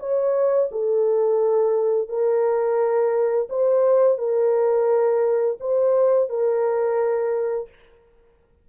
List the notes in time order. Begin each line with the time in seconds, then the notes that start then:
0.00 C#5
0.72 A4
2.09 A#4
3.50 C5
4.19 A#4
5.61 C5
6.30 A#4